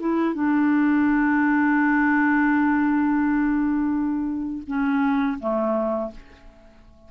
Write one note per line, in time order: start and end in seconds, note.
0.00 0.34 E4
0.34 4.63 D4
4.67 5.39 C#4
5.40 6.11 A3